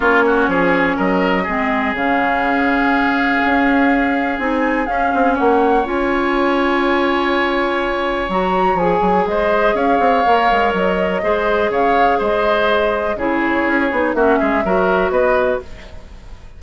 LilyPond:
<<
  \new Staff \with { instrumentName = "flute" } { \time 4/4 \tempo 4 = 123 cis''2 dis''2 | f''1~ | f''4 gis''4 f''4 fis''4 | gis''1~ |
gis''4 ais''4 gis''4 dis''4 | f''2 dis''2 | f''4 dis''2 cis''4~ | cis''4 e''2 dis''4 | }
  \new Staff \with { instrumentName = "oboe" } { \time 4/4 f'8 fis'8 gis'4 ais'4 gis'4~ | gis'1~ | gis'2. cis''4~ | cis''1~ |
cis''2. c''4 | cis''2. c''4 | cis''4 c''2 gis'4~ | gis'4 fis'8 gis'8 ais'4 b'4 | }
  \new Staff \with { instrumentName = "clarinet" } { \time 4/4 cis'2. c'4 | cis'1~ | cis'4 dis'4 cis'2 | f'1~ |
f'4 fis'4 gis'2~ | gis'4 ais'2 gis'4~ | gis'2. e'4~ | e'8 dis'8 cis'4 fis'2 | }
  \new Staff \with { instrumentName = "bassoon" } { \time 4/4 ais4 f4 fis4 gis4 | cis2. cis'4~ | cis'4 c'4 cis'8 c'8 ais4 | cis'1~ |
cis'4 fis4 f8 fis8 gis4 | cis'8 c'8 ais8 gis8 fis4 gis4 | cis4 gis2 cis4 | cis'8 b8 ais8 gis8 fis4 b4 | }
>>